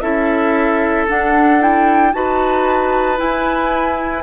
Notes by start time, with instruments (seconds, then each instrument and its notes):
0.00 bassoon C#4, clarinet E4, oboe A4, flute E5
1.09 clarinet D4, bassoon D4, flute F#5
1.61 clarinet E4, flute G5
2.12 bassoon D#4, clarinet F#4, oboe B4, flute A5
3.17 clarinet E4, bassoon E4, flute G#5